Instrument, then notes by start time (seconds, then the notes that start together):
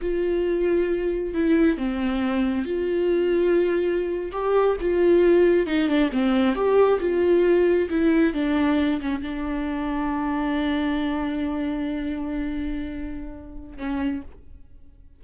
viola
0.01 F4
1.34 E4
1.77 C4
2.65 F4
4.32 G4
4.80 F4
5.66 D#4
5.87 D4
6.12 C4
6.55 G4
7.00 F4
7.89 E4
8.33 D4
9.01 C#4
9.22 D4
13.77 C#4